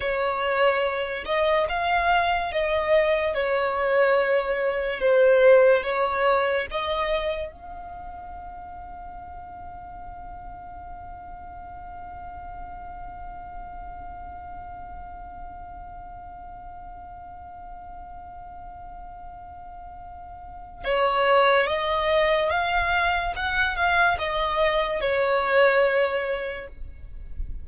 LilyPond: \new Staff \with { instrumentName = "violin" } { \time 4/4 \tempo 4 = 72 cis''4. dis''8 f''4 dis''4 | cis''2 c''4 cis''4 | dis''4 f''2.~ | f''1~ |
f''1~ | f''1~ | f''4 cis''4 dis''4 f''4 | fis''8 f''8 dis''4 cis''2 | }